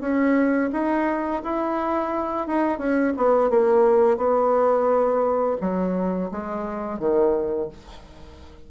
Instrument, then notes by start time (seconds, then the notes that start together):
bassoon
0.00 C#4
0.72 D#4
1.43 E4
2.47 D#4
2.78 C#4
3.16 B3
3.50 A#3
4.17 B3
5.61 F#3
6.31 G#3
6.99 D#3